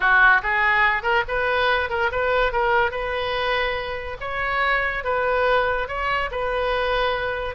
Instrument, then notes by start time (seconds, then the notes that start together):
oboe
0.00 F#4
0.42 G#4
1.02 A#4
1.27 B4
1.89 A#4
2.11 B4
2.52 A#4
2.91 B4
4.20 C#5
5.04 B4
5.88 C#5
6.31 B4